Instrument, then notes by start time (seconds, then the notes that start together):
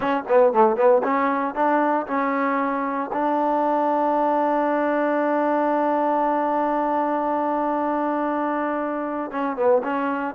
trombone
0.00 C#4
0.28 B3
0.53 A3
0.76 B3
1.03 C#4
1.54 D4
2.07 C#4
3.12 D4
9.31 C#4
9.56 B3
9.83 C#4